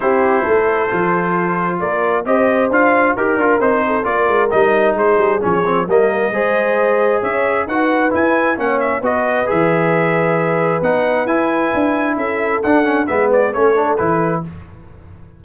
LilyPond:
<<
  \new Staff \with { instrumentName = "trumpet" } { \time 4/4 \tempo 4 = 133 c''1 | d''4 dis''4 f''4 ais'4 | c''4 d''4 dis''4 c''4 | cis''4 dis''2. |
e''4 fis''4 gis''4 fis''8 e''8 | dis''4 e''2. | fis''4 gis''2 e''4 | fis''4 e''8 d''8 cis''4 b'4 | }
  \new Staff \with { instrumentName = "horn" } { \time 4/4 g'4 a'2. | ais'4 c''2 ais'4~ | ais'8 a'8 ais'2 gis'4~ | gis'4 ais'4 c''2 |
cis''4 b'2 cis''4 | b'1~ | b'2. a'4~ | a'4 b'4 a'2 | }
  \new Staff \with { instrumentName = "trombone" } { \time 4/4 e'2 f'2~ | f'4 g'4 f'4 g'8 f'8 | dis'4 f'4 dis'2 | cis'8 c'8 ais4 gis'2~ |
gis'4 fis'4 e'4 cis'4 | fis'4 gis'2. | dis'4 e'2. | d'8 cis'8 b4 cis'8 d'8 e'4 | }
  \new Staff \with { instrumentName = "tuba" } { \time 4/4 c'4 a4 f2 | ais4 c'4 d'4 dis'8 d'8 | c'4 ais8 gis8 g4 gis8 g8 | f4 g4 gis2 |
cis'4 dis'4 e'4 ais4 | b4 e2. | b4 e'4 d'4 cis'4 | d'4 gis4 a4 e4 | }
>>